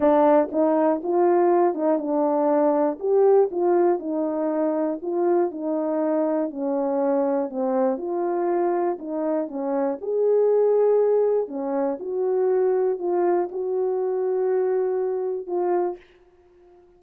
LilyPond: \new Staff \with { instrumentName = "horn" } { \time 4/4 \tempo 4 = 120 d'4 dis'4 f'4. dis'8 | d'2 g'4 f'4 | dis'2 f'4 dis'4~ | dis'4 cis'2 c'4 |
f'2 dis'4 cis'4 | gis'2. cis'4 | fis'2 f'4 fis'4~ | fis'2. f'4 | }